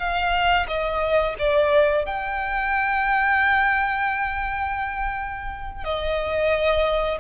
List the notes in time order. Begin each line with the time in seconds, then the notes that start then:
0.00 F5
0.68 D#5
1.39 D5
2.06 G5
5.85 D#5